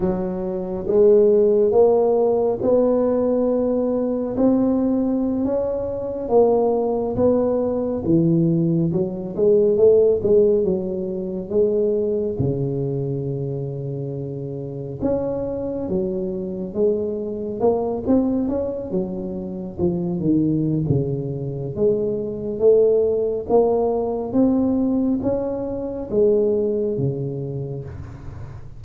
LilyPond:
\new Staff \with { instrumentName = "tuba" } { \time 4/4 \tempo 4 = 69 fis4 gis4 ais4 b4~ | b4 c'4~ c'16 cis'4 ais8.~ | ais16 b4 e4 fis8 gis8 a8 gis16~ | gis16 fis4 gis4 cis4.~ cis16~ |
cis4~ cis16 cis'4 fis4 gis8.~ | gis16 ais8 c'8 cis'8 fis4 f8 dis8. | cis4 gis4 a4 ais4 | c'4 cis'4 gis4 cis4 | }